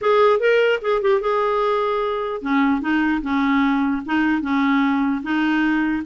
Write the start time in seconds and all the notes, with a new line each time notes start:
0.01 G#4
0.39 A#4
0.81 G#4
1.01 G4
1.21 G#4
2.41 C#4
2.81 D#4
3.21 C#4
4.05 D#4
4.41 C#4
5.22 D#4